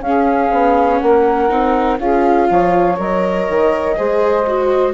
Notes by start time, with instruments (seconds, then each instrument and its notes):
0.00 bassoon C#4, viola C#4, saxophone G#4, flute F5
0.51 bassoon B3
0.99 bassoon A#3, saxophone A#4, flute F#5
1.49 bassoon C4, viola D#4
1.99 bassoon C#4, viola F4, saxophone G#4, flute F5
2.49 bassoon F3, saxophone C#5
2.97 bassoon F#3, viola A#4, flute D#5
3.49 bassoon D#3
3.96 bassoon G#3, viola G#4, saxophone C5
4.47 viola F#4